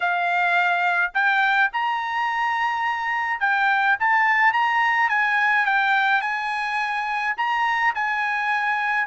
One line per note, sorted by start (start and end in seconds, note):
0.00 1.12 F5
1.13 1.70 G5
1.72 3.40 A#5
3.40 3.96 G5
3.99 4.52 A5
4.52 5.09 A#5
5.09 5.65 G#5
5.65 6.21 G5
6.21 7.34 G#5
7.37 7.93 A#5
7.94 9.06 G#5